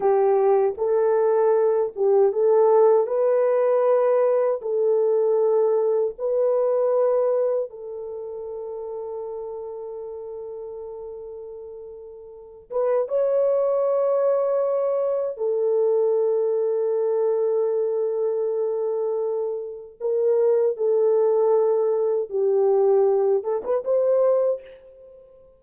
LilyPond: \new Staff \with { instrumentName = "horn" } { \time 4/4 \tempo 4 = 78 g'4 a'4. g'8 a'4 | b'2 a'2 | b'2 a'2~ | a'1~ |
a'8 b'8 cis''2. | a'1~ | a'2 ais'4 a'4~ | a'4 g'4. a'16 b'16 c''4 | }